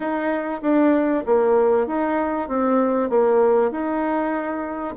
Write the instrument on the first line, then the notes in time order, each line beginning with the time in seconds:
bassoon
0.00 D#4
0.62 D4
1.26 A#3
1.86 D#4
2.48 C4
3.09 A#3
3.71 D#4